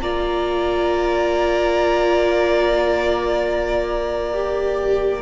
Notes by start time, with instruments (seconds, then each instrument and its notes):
0.00 cello A#3, viola F4, violin D5 A#5
4.33 viola G4